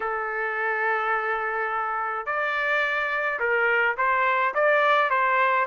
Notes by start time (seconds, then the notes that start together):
0.00 A4
2.26 D5
3.39 A#4
3.97 C5
4.54 D5
5.09 C5